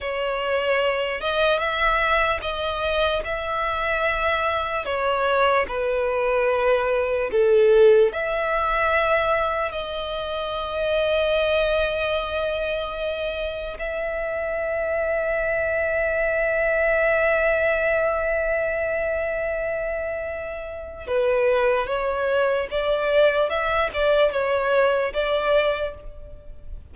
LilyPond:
\new Staff \with { instrumentName = "violin" } { \time 4/4 \tempo 4 = 74 cis''4. dis''8 e''4 dis''4 | e''2 cis''4 b'4~ | b'4 a'4 e''2 | dis''1~ |
dis''4 e''2.~ | e''1~ | e''2 b'4 cis''4 | d''4 e''8 d''8 cis''4 d''4 | }